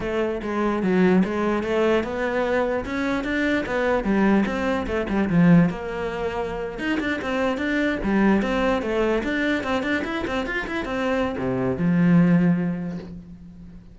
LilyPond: \new Staff \with { instrumentName = "cello" } { \time 4/4 \tempo 4 = 148 a4 gis4 fis4 gis4 | a4 b2 cis'4 | d'4 b4 g4 c'4 | a8 g8 f4 ais2~ |
ais8. dis'8 d'8 c'4 d'4 g16~ | g8. c'4 a4 d'4 c'16~ | c'16 d'8 e'8 c'8 f'8 e'8 c'4~ c'16 | c4 f2. | }